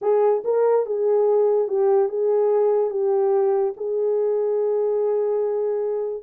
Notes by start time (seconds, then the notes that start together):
0.01 G#4
0.44 A#4
0.86 G#4
1.68 G4
2.08 G#4
2.90 G4
3.76 G#4